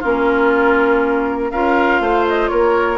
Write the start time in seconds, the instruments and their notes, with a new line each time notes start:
0.00 bassoon A#3, clarinet C#4, oboe F4, flute A#4
1.51 bassoon C#4, clarinet F4, oboe A#4, flute F5
2.00 bassoon A3, oboe C5
2.28 flute D#5
2.49 bassoon A#3, oboe A#4, flute C#5